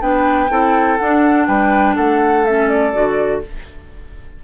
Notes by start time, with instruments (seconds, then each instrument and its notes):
0.00 bassoon B3, clarinet D4, oboe B4, flute G5
0.50 bassoon C4, clarinet E4, oboe A4
0.97 clarinet D4, bassoon D4, flute F#5
1.47 bassoon G3, oboe B4, flute G5
1.96 bassoon A3, oboe A4, flute F#5
2.45 clarinet C#4, flute E5
2.69 flute D5
2.93 bassoon D3, clarinet F#4